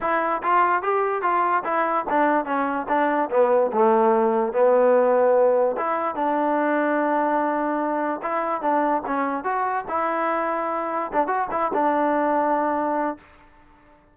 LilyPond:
\new Staff \with { instrumentName = "trombone" } { \time 4/4 \tempo 4 = 146 e'4 f'4 g'4 f'4 | e'4 d'4 cis'4 d'4 | b4 a2 b4~ | b2 e'4 d'4~ |
d'1 | e'4 d'4 cis'4 fis'4 | e'2. d'8 fis'8 | e'8 d'2.~ d'8 | }